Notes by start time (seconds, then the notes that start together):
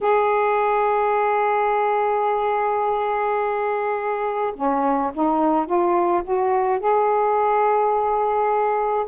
0.00 G#4
4.55 C#4
5.14 D#4
5.66 F4
6.23 F#4
6.79 G#4